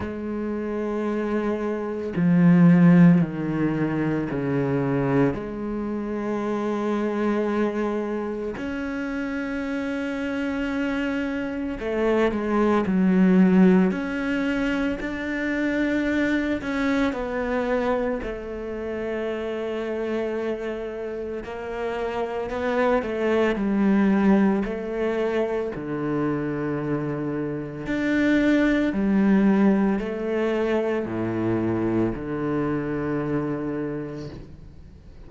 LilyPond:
\new Staff \with { instrumentName = "cello" } { \time 4/4 \tempo 4 = 56 gis2 f4 dis4 | cis4 gis2. | cis'2. a8 gis8 | fis4 cis'4 d'4. cis'8 |
b4 a2. | ais4 b8 a8 g4 a4 | d2 d'4 g4 | a4 a,4 d2 | }